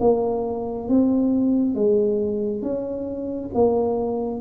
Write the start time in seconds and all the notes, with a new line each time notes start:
0.00 A#3
0.89 C4
1.75 G#3
2.62 C#4
3.54 A#3